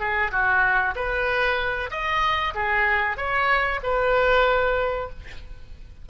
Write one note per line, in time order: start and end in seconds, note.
0.00 0.32 G#4
0.32 0.95 F#4
0.96 1.91 B4
1.91 2.54 D#5
2.55 3.18 G#4
3.18 3.81 C#5
3.84 5.10 B4